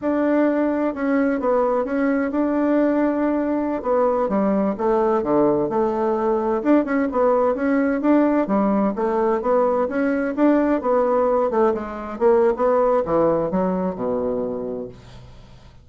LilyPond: \new Staff \with { instrumentName = "bassoon" } { \time 4/4 \tempo 4 = 129 d'2 cis'4 b4 | cis'4 d'2.~ | d'16 b4 g4 a4 d8.~ | d16 a2 d'8 cis'8 b8.~ |
b16 cis'4 d'4 g4 a8.~ | a16 b4 cis'4 d'4 b8.~ | b8. a8 gis4 ais8. b4 | e4 fis4 b,2 | }